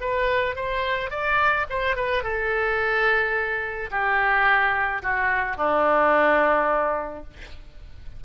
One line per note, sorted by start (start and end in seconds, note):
0.00 0.55 B4
0.55 1.10 C5
1.10 1.65 D5
1.69 1.96 C5
1.96 2.23 B4
2.23 3.89 A4
3.90 5.02 G4
5.02 5.56 F#4
5.56 7.23 D4